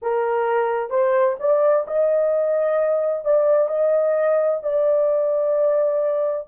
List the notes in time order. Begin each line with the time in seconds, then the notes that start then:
0.02 A#4
0.89 C5
1.39 D5
1.87 D#5
3.24 D5
3.68 D#5
4.62 D5